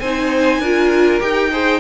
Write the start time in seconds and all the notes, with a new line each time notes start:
0.00 C4 D#4 C5 G#5
0.59 D4 F4 A#4
1.20 D#4 G4 G5
1.52 G#4 C5